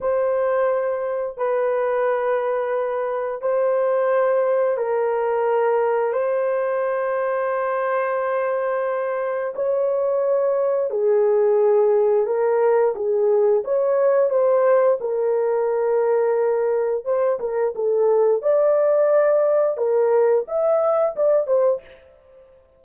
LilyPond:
\new Staff \with { instrumentName = "horn" } { \time 4/4 \tempo 4 = 88 c''2 b'2~ | b'4 c''2 ais'4~ | ais'4 c''2.~ | c''2 cis''2 |
gis'2 ais'4 gis'4 | cis''4 c''4 ais'2~ | ais'4 c''8 ais'8 a'4 d''4~ | d''4 ais'4 e''4 d''8 c''8 | }